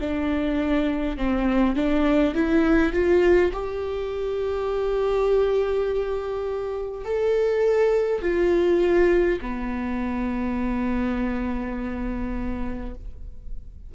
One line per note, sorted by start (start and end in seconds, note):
0.00 1.17 D4
1.17 1.75 C4
1.75 2.34 D4
2.34 2.93 E4
2.93 3.51 F4
3.52 7.05 G4
7.05 8.21 A4
8.21 9.39 F4
9.41 12.94 B3